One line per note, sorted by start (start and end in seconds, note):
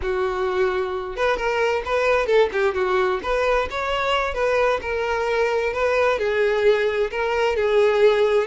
0.01 1.16 F#4
1.16 1.37 B4
1.37 1.82 A#4
1.85 2.26 B4
2.26 2.49 A4
2.52 2.74 G4
2.74 3.20 F#4
3.22 3.68 B4
3.70 4.34 C#5
4.34 4.80 B4
4.81 5.73 A#4
5.73 6.18 B4
6.18 7.10 G#4
7.10 7.56 A#4
7.56 8.47 G#4